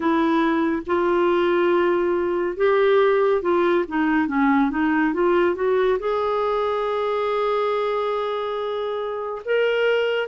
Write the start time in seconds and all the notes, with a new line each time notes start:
0.00 E4
0.86 F4
2.56 G4
3.41 F4
3.88 D#4
4.27 C#4
4.70 D#4
5.13 F4
5.55 F#4
5.99 G#4
9.45 A#4